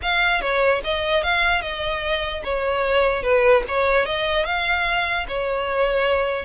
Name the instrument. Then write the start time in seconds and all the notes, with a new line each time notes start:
violin
0.02 F5
0.41 C#5
0.83 D#5
1.23 F5
1.61 D#5
2.44 C#5
3.22 B4
3.68 C#5
4.05 D#5
4.45 F5
5.28 C#5